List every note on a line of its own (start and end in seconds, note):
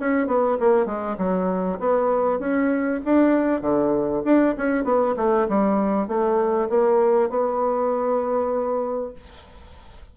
0.00 0.27 C#4
0.27 0.58 B3
0.60 0.86 A#3
0.86 1.17 G#3
1.18 1.79 F#3
1.80 2.40 B3
2.40 3.01 C#4
3.06 3.62 D4
3.62 4.23 D3
4.25 4.56 D4
4.58 4.85 C#4
4.85 5.15 B3
5.17 5.48 A3
5.49 6.08 G3
6.08 6.70 A3
6.70 7.30 A#3
7.30 9.14 B3